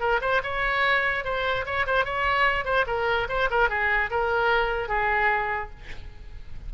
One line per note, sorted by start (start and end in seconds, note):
0.00 0.20 A#4
0.21 0.42 C5
0.43 1.24 C#5
1.24 1.65 C5
1.65 1.86 C#5
1.86 2.05 C5
2.05 2.65 C#5
2.65 2.85 C5
2.87 3.28 A#4
3.29 3.49 C5
3.50 3.69 A#4
3.69 4.10 G#4
4.11 4.88 A#4
4.88 5.70 G#4